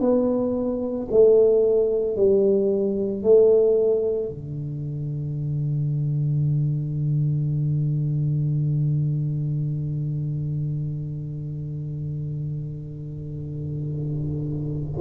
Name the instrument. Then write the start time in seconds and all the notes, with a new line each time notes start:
tuba
0.00 B3
1.11 A3
2.16 G3
3.23 A3
4.29 D3